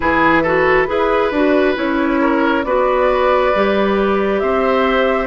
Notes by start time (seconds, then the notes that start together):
0.00 E3 E4 G#4 B4
0.42 F#4 A4
0.87 E4 G#4 B4
1.31 D4 F#4
1.75 C#4 E4 C#5
2.21 A#4
2.64 B3 F#4 B4 D5
3.54 G3 G4
4.39 C4 C5 E5